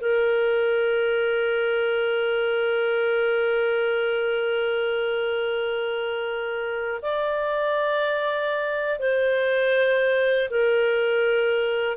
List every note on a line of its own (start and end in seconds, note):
0.00 7.00 A#4
7.01 8.99 D5
8.99 10.49 C5
10.50 11.96 A#4